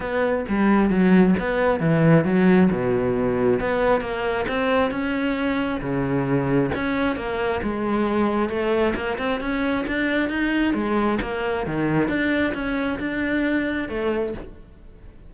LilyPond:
\new Staff \with { instrumentName = "cello" } { \time 4/4 \tempo 4 = 134 b4 g4 fis4 b4 | e4 fis4 b,2 | b4 ais4 c'4 cis'4~ | cis'4 cis2 cis'4 |
ais4 gis2 a4 | ais8 c'8 cis'4 d'4 dis'4 | gis4 ais4 dis4 d'4 | cis'4 d'2 a4 | }